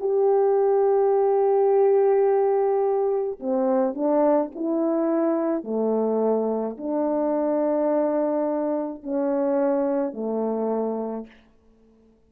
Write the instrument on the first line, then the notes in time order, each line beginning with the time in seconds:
horn
0.00 G4
3.40 C4
3.94 D4
4.55 E4
5.64 A3
6.77 D4
9.03 C#4
10.13 A3